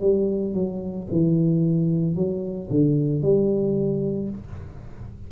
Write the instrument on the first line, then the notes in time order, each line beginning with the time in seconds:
tuba
0.00 G3
0.54 F#3
1.11 E3
2.15 F#3
2.70 D3
3.22 G3